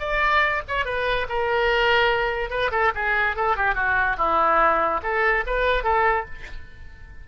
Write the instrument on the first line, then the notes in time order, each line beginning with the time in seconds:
oboe
0.00 D5
0.68 C#5
0.86 B4
1.29 A#4
2.50 B4
2.71 A4
2.95 G#4
3.36 A4
3.56 G4
3.75 F#4
4.18 E4
5.03 A4
5.47 B4
5.84 A4